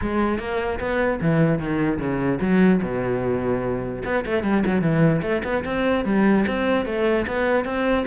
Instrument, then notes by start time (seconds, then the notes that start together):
cello
0.01 G#3
0.38 A#3
0.79 B3
1.21 E3
1.58 D#3
1.99 C#3
2.41 F#3
2.82 B2
4.04 B3
4.25 A3
4.43 G3
4.65 F#3
4.81 E3
5.22 A3
5.44 B3
5.64 C4
6.04 G3
6.47 C4
6.85 A3
7.27 B3
7.64 C4